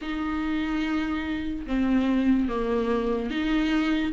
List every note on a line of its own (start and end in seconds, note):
0.01 1.66 D#4
1.66 2.48 C4
2.48 3.30 A#3
3.30 4.12 D#4